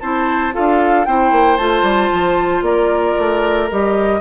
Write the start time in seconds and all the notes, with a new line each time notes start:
0.00 C4 E4 C5 A5
0.52 D4 F4 A4 F5
1.04 C4 E4 C5 G5
1.31 A#3
1.56 A3 F4 A5
1.82 G3
2.13 F3
2.61 A#3 A#4 D5
3.18 A3
3.71 G3 G4 D#5